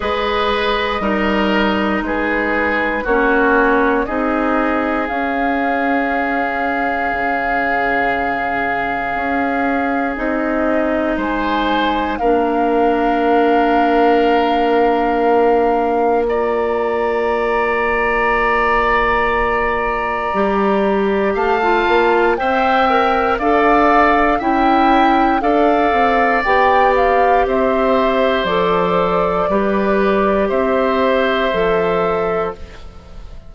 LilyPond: <<
  \new Staff \with { instrumentName = "flute" } { \time 4/4 \tempo 4 = 59 dis''2 b'4 cis''4 | dis''4 f''2.~ | f''2 dis''4 gis''4 | f''1 |
ais''1~ | ais''4 a''4 g''4 f''4 | g''4 f''4 g''8 f''8 e''4 | d''2 e''2 | }
  \new Staff \with { instrumentName = "oboe" } { \time 4/4 b'4 ais'4 gis'4 fis'4 | gis'1~ | gis'2. c''4 | ais'1 |
d''1~ | d''4 f''4 e''4 d''4 | e''4 d''2 c''4~ | c''4 b'4 c''2 | }
  \new Staff \with { instrumentName = "clarinet" } { \time 4/4 gis'4 dis'2 cis'4 | dis'4 cis'2.~ | cis'2 dis'2 | d'1 |
f'1 | g'4~ g'16 f'8. c''8 ais'8 a'4 | e'4 a'4 g'2 | a'4 g'2 a'4 | }
  \new Staff \with { instrumentName = "bassoon" } { \time 4/4 gis4 g4 gis4 ais4 | c'4 cis'2 cis4~ | cis4 cis'4 c'4 gis4 | ais1~ |
ais1 | g4 a8 ais8 c'4 d'4 | cis'4 d'8 c'8 b4 c'4 | f4 g4 c'4 f4 | }
>>